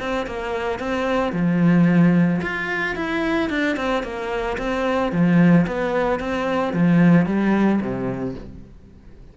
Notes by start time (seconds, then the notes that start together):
0.00 C4
0.27 A#3
0.80 C4
1.33 F3
2.42 F4
2.96 E4
3.50 D4
3.76 C4
4.03 A#3
4.58 C4
5.12 F3
5.67 B3
6.20 C4
6.73 F3
7.26 G3
7.81 C3